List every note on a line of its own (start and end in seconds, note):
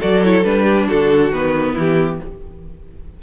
0.00 0.45 F#3
0.00 0.23 F#4
0.00 0.64 A4
0.00 0.23 D5
0.24 0.44 E4
0.24 0.45 C#5
0.44 0.89 G3
0.44 1.32 D4
0.44 0.88 B4
0.64 0.86 G4
0.88 1.31 D3
0.88 1.73 F#4
0.88 1.33 A4
1.31 1.75 D#3
1.31 2.20 B3
1.31 1.77 B4
1.73 2.21 E3
1.73 2.17 E4
1.73 2.23 G4